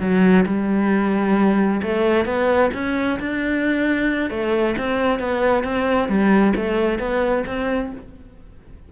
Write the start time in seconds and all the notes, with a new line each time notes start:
0.00 F#3
0.46 G3
1.83 A3
2.26 B3
2.74 C#4
3.19 D4
4.30 A3
4.78 C4
5.20 B3
5.64 C4
6.09 G3
6.56 A3
6.99 B3
7.47 C4